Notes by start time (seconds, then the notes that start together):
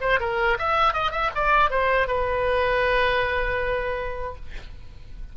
0.00 C5
0.20 A#4
0.58 E5
0.93 D#5
1.11 E5
1.35 D5
1.70 C5
2.07 B4